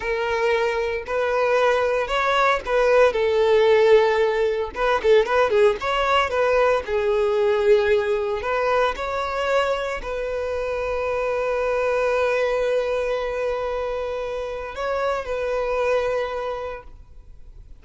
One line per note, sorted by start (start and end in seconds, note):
0.00 1.04 A#4
1.06 2.07 B4
2.07 2.60 C#5
2.65 3.12 B4
3.12 4.70 A4
4.74 5.01 B4
5.03 5.25 A4
5.25 5.50 B4
5.50 5.76 G#4
5.80 6.30 C#5
6.30 6.82 B4
6.85 8.42 G#4
8.42 8.94 B4
8.96 10.01 C#5
10.02 14.75 B4
14.75 15.25 C#5
15.25 16.83 B4